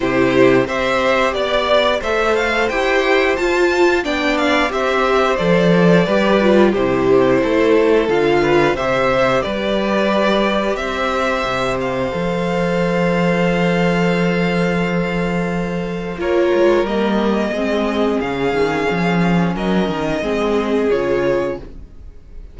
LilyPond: <<
  \new Staff \with { instrumentName = "violin" } { \time 4/4 \tempo 4 = 89 c''4 e''4 d''4 e''8 f''8 | g''4 a''4 g''8 f''8 e''4 | d''2 c''2 | f''4 e''4 d''2 |
e''4. f''2~ f''8~ | f''1 | cis''4 dis''2 f''4~ | f''4 dis''2 cis''4 | }
  \new Staff \with { instrumentName = "violin" } { \time 4/4 g'4 c''4 d''4 c''4~ | c''2 d''4 c''4~ | c''4 b'4 g'4 a'4~ | a'8 b'8 c''4 b'2 |
c''1~ | c''1 | ais'2 gis'2~ | gis'4 ais'4 gis'2 | }
  \new Staff \with { instrumentName = "viola" } { \time 4/4 e'4 g'2 a'4 | g'4 f'4 d'4 g'4 | a'4 g'8 f'8 e'2 | f'4 g'2.~ |
g'2 a'2~ | a'1 | f'4 ais4 c'4 cis'4~ | cis'2 c'4 f'4 | }
  \new Staff \with { instrumentName = "cello" } { \time 4/4 c4 c'4 b4 a4 | e'4 f'4 b4 c'4 | f4 g4 c4 a4 | d4 c4 g2 |
c'4 c4 f2~ | f1 | ais8 gis8 g4 gis4 cis8 dis8 | f4 fis8 dis8 gis4 cis4 | }
>>